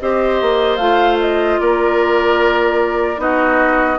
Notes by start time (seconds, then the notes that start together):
0.00 C4 G4 C5 D#5
0.41 A#3
0.76 A3 F4 F5
1.20 D#5
1.59 A#3 A#4 D5
3.17 B3 D#4 F#4 D#5